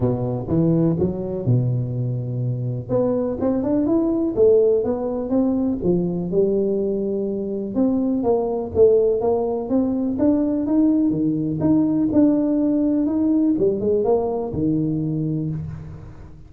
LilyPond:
\new Staff \with { instrumentName = "tuba" } { \time 4/4 \tempo 4 = 124 b,4 e4 fis4 b,4~ | b,2 b4 c'8 d'8 | e'4 a4 b4 c'4 | f4 g2. |
c'4 ais4 a4 ais4 | c'4 d'4 dis'4 dis4 | dis'4 d'2 dis'4 | g8 gis8 ais4 dis2 | }